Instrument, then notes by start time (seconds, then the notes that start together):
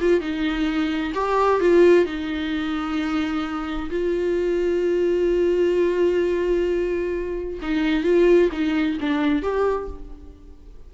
viola
0.00 F4
0.20 D#4
1.14 G4
1.60 F4
2.05 D#4
3.90 F4
7.62 D#4
8.03 F4
8.52 D#4
9.00 D4
9.42 G4